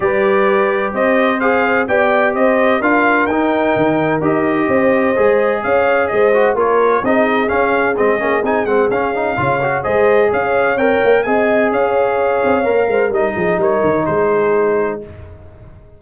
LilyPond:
<<
  \new Staff \with { instrumentName = "trumpet" } { \time 4/4 \tempo 4 = 128 d''2 dis''4 f''4 | g''4 dis''4 f''4 g''4~ | g''4 dis''2. | f''4 dis''4 cis''4 dis''4 |
f''4 dis''4 gis''8 fis''8 f''4~ | f''4 dis''4 f''4 g''4 | gis''4 f''2. | dis''4 cis''4 c''2 | }
  \new Staff \with { instrumentName = "horn" } { \time 4/4 b'2 c''2 | d''4 c''4 ais'2~ | ais'2 c''2 | cis''4 c''4 ais'4 gis'4~ |
gis'1 | cis''4 c''4 cis''2 | dis''4 cis''2~ cis''8 c''8 | ais'8 gis'8 ais'4 gis'2 | }
  \new Staff \with { instrumentName = "trombone" } { \time 4/4 g'2. gis'4 | g'2 f'4 dis'4~ | dis'4 g'2 gis'4~ | gis'4. fis'8 f'4 dis'4 |
cis'4 c'8 cis'8 dis'8 c'8 cis'8 dis'8 | f'8 fis'8 gis'2 ais'4 | gis'2. ais'4 | dis'1 | }
  \new Staff \with { instrumentName = "tuba" } { \time 4/4 g2 c'2 | b4 c'4 d'4 dis'4 | dis4 dis'4 c'4 gis4 | cis'4 gis4 ais4 c'4 |
cis'4 gis8 ais8 c'8 gis8 cis'4 | cis4 gis4 cis'4 c'8 ais8 | c'4 cis'4. c'8 ais8 gis8 | g8 f8 g8 dis8 gis2 | }
>>